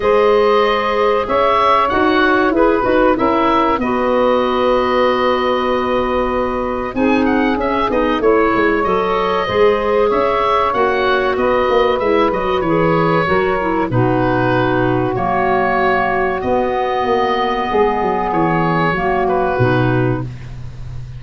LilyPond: <<
  \new Staff \with { instrumentName = "oboe" } { \time 4/4 \tempo 4 = 95 dis''2 e''4 fis''4 | b'4 e''4 dis''2~ | dis''2. gis''8 fis''8 | e''8 dis''8 cis''4 dis''2 |
e''4 fis''4 dis''4 e''8 dis''8 | cis''2 b'2 | cis''2 dis''2~ | dis''4 cis''4. b'4. | }
  \new Staff \with { instrumentName = "saxophone" } { \time 4/4 c''2 cis''2 | b'4 ais'4 b'2~ | b'2. gis'4~ | gis'4 cis''2 c''4 |
cis''2 b'2~ | b'4 ais'4 fis'2~ | fis'1 | gis'2 fis'2 | }
  \new Staff \with { instrumentName = "clarinet" } { \time 4/4 gis'2. fis'4 | gis'8 fis'8 e'4 fis'2~ | fis'2. dis'4 | cis'8 dis'8 e'4 a'4 gis'4~ |
gis'4 fis'2 e'8 fis'8 | gis'4 fis'8 e'8 dis'2 | ais2 b2~ | b2 ais4 dis'4 | }
  \new Staff \with { instrumentName = "tuba" } { \time 4/4 gis2 cis'4 dis'4 | e'8 dis'8 cis'4 b2~ | b2. c'4 | cis'8 b8 a8 gis8 fis4 gis4 |
cis'4 ais4 b8 ais8 gis8 fis8 | e4 fis4 b,2 | fis2 b4 ais4 | gis8 fis8 e4 fis4 b,4 | }
>>